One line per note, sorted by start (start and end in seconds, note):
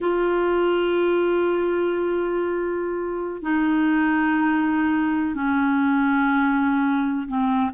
0.00 3.42 F4
3.42 5.34 D#4
5.34 7.27 C#4
7.28 7.71 C4